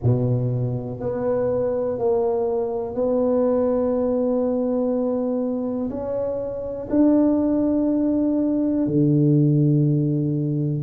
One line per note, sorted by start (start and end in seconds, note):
0.03 1.00 B2
1.00 1.98 B3
1.98 2.94 A#3
2.94 5.89 B3
5.90 6.88 C#4
6.89 8.86 D4
8.87 10.83 D3